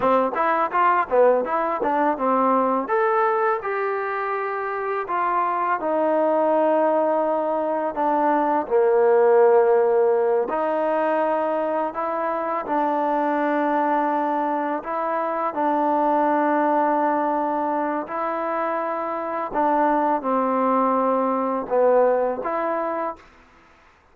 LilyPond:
\new Staff \with { instrumentName = "trombone" } { \time 4/4 \tempo 4 = 83 c'8 e'8 f'8 b8 e'8 d'8 c'4 | a'4 g'2 f'4 | dis'2. d'4 | ais2~ ais8 dis'4.~ |
dis'8 e'4 d'2~ d'8~ | d'8 e'4 d'2~ d'8~ | d'4 e'2 d'4 | c'2 b4 e'4 | }